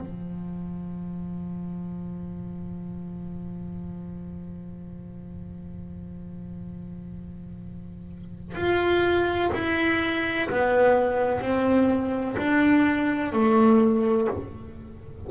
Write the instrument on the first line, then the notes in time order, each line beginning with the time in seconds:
double bass
0.00 F3
8.55 F4
9.54 E4
10.49 B3
11.41 C4
12.38 D4
13.32 A3